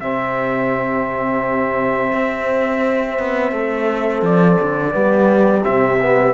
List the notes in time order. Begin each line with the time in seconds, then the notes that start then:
0.00 C3 C4 G4 E5
2.13 C4
3.19 B3
3.51 A3 A4
4.22 F3 D5
4.61 D3
4.91 G3 B3 G4
5.63 C3 C4 E5
6.01 B3